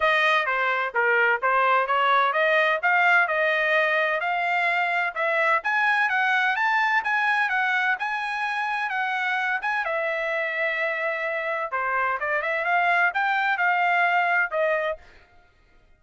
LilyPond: \new Staff \with { instrumentName = "trumpet" } { \time 4/4 \tempo 4 = 128 dis''4 c''4 ais'4 c''4 | cis''4 dis''4 f''4 dis''4~ | dis''4 f''2 e''4 | gis''4 fis''4 a''4 gis''4 |
fis''4 gis''2 fis''4~ | fis''8 gis''8 e''2.~ | e''4 c''4 d''8 e''8 f''4 | g''4 f''2 dis''4 | }